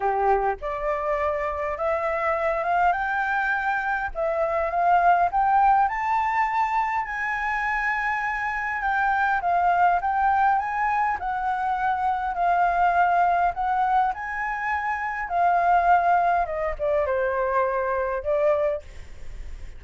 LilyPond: \new Staff \with { instrumentName = "flute" } { \time 4/4 \tempo 4 = 102 g'4 d''2 e''4~ | e''8 f''8 g''2 e''4 | f''4 g''4 a''2 | gis''2. g''4 |
f''4 g''4 gis''4 fis''4~ | fis''4 f''2 fis''4 | gis''2 f''2 | dis''8 d''8 c''2 d''4 | }